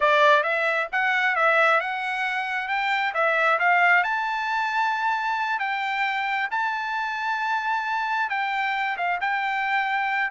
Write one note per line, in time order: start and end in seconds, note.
0.00 0.43 D5
0.43 0.87 E5
0.91 1.35 F#5
1.35 1.80 E5
1.80 2.67 F#5
2.67 3.12 G5
3.13 3.58 E5
3.59 4.03 F5
4.03 5.59 A5
5.59 6.48 G5
6.50 8.29 A5
8.29 8.97 G5
8.97 9.19 F5
9.20 10.30 G5